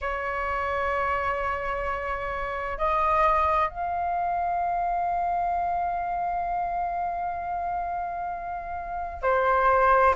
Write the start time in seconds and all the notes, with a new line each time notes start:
0.01 C#5
2.78 D#5
3.69 F5
9.22 C5